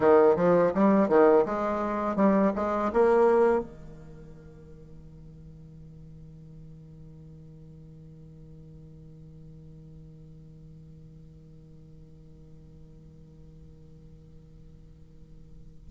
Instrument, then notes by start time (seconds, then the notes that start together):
bassoon
0.00 D#3
0.36 F3
0.74 G3
1.08 D#3
1.45 G#3
2.16 G3
2.55 G#3
2.92 A#3
3.60 D#3